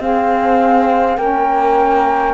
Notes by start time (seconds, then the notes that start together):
0.00 C4 G#4 F5
1.17 A#3 C#4 A#4 G5